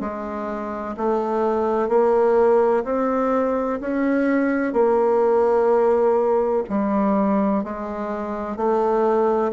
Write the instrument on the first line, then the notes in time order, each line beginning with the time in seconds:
bassoon
0.00 G#3
0.97 A3
1.88 A#3
2.84 C4
3.81 C#4
4.73 A#3
6.69 G3
7.64 G#3
8.56 A3